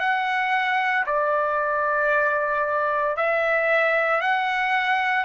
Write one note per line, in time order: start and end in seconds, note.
0.00 1.05 F#5
1.07 3.17 D5
3.17 4.22 E5
4.22 5.25 F#5